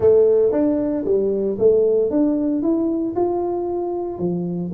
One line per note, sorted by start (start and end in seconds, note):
0.00 0.51 A3
0.51 1.04 D4
1.04 1.57 G3
1.58 2.10 A3
2.10 2.62 D4
2.62 3.14 E4
3.15 4.18 F4
4.18 4.71 F3